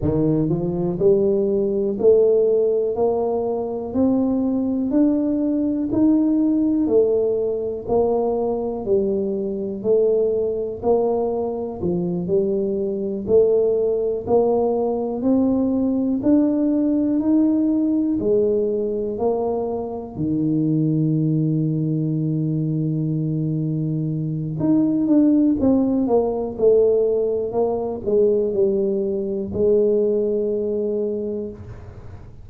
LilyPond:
\new Staff \with { instrumentName = "tuba" } { \time 4/4 \tempo 4 = 61 dis8 f8 g4 a4 ais4 | c'4 d'4 dis'4 a4 | ais4 g4 a4 ais4 | f8 g4 a4 ais4 c'8~ |
c'8 d'4 dis'4 gis4 ais8~ | ais8 dis2.~ dis8~ | dis4 dis'8 d'8 c'8 ais8 a4 | ais8 gis8 g4 gis2 | }